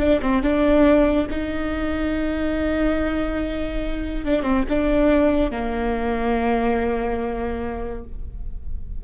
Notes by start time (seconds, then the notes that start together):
0.00 D4
0.22 C4
0.43 D4
1.30 D#4
4.25 D4
4.43 C4
4.69 D4
5.51 A#3